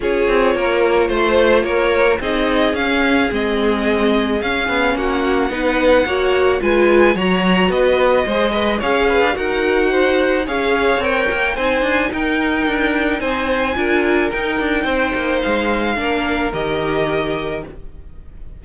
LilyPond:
<<
  \new Staff \with { instrumentName = "violin" } { \time 4/4 \tempo 4 = 109 cis''2 c''4 cis''4 | dis''4 f''4 dis''2 | f''4 fis''2. | gis''4 ais''4 dis''2 |
f''4 fis''2 f''4 | g''4 gis''4 g''2 | gis''2 g''2 | f''2 dis''2 | }
  \new Staff \with { instrumentName = "violin" } { \time 4/4 gis'4 ais'4 c''4 ais'4 | gis'1~ | gis'4 fis'4 b'4 cis''4 | b'4 cis''4 b'4 c''8 dis''8 |
cis''8 b'8 ais'4 c''4 cis''4~ | cis''4 c''4 ais'2 | c''4 ais'2 c''4~ | c''4 ais'2. | }
  \new Staff \with { instrumentName = "viola" } { \time 4/4 f'1 | dis'4 cis'4 c'2 | cis'2 dis'4 fis'4 | f'4 fis'2 gis'8 b'8 |
gis'4 fis'2 gis'4 | ais'4 dis'2.~ | dis'4 f'4 dis'2~ | dis'4 d'4 g'2 | }
  \new Staff \with { instrumentName = "cello" } { \time 4/4 cis'8 c'8 ais4 a4 ais4 | c'4 cis'4 gis2 | cis'8 b8 ais4 b4 ais4 | gis4 fis4 b4 gis4 |
cis'8. d'16 dis'2 cis'4 | c'8 ais8 c'8 d'8 dis'4 d'4 | c'4 d'4 dis'8 d'8 c'8 ais8 | gis4 ais4 dis2 | }
>>